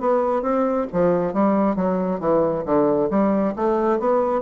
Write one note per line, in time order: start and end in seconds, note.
0.00 0.42 B3
0.42 0.86 C4
0.92 1.33 F3
1.33 1.75 G3
1.75 2.19 F#3
2.19 2.64 E3
2.65 3.09 D3
3.10 3.54 G3
3.56 3.99 A3
3.99 4.41 B3